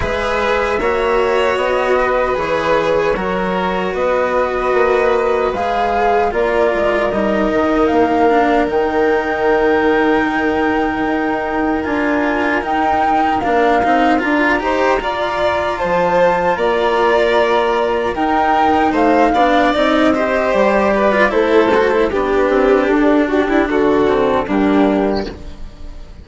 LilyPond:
<<
  \new Staff \with { instrumentName = "flute" } { \time 4/4 \tempo 4 = 76 e''2 dis''4 cis''4~ | cis''4 dis''2 f''4 | d''4 dis''4 f''4 g''4~ | g''2. gis''4 |
g''4 f''4 ais''2 | a''4 ais''2 g''4 | f''4 dis''4 d''4 c''4 | b'4 a'8 g'8 a'4 g'4 | }
  \new Staff \with { instrumentName = "violin" } { \time 4/4 b'4 cis''4. b'4. | ais'4 b'2. | ais'1~ | ais'1~ |
ais'2~ ais'8 c''8 d''4 | c''4 d''2 ais'4 | c''8 d''4 c''4 b'8 a'4 | g'4. fis'16 e'16 fis'4 d'4 | }
  \new Staff \with { instrumentName = "cello" } { \time 4/4 gis'4 fis'2 gis'4 | fis'2. gis'4 | f'4 dis'4. d'8 dis'4~ | dis'2. f'4 |
dis'4 d'8 dis'8 f'8 g'8 f'4~ | f'2. dis'4~ | dis'8 d'8 dis'8 g'4~ g'16 f'16 e'8 fis'16 e'16 | d'2~ d'8 c'8 ais4 | }
  \new Staff \with { instrumentName = "bassoon" } { \time 4/4 gis4 ais4 b4 e4 | fis4 b4 ais4 gis4 | ais8 gis8 g8 dis8 ais4 dis4~ | dis2 dis'4 d'4 |
dis'4 ais8 c'8 d'8 dis'8 f'4 | f4 ais2 dis'4 | a8 b8 c'4 g4 a4 | b8 c'8 d'4 d4 g4 | }
>>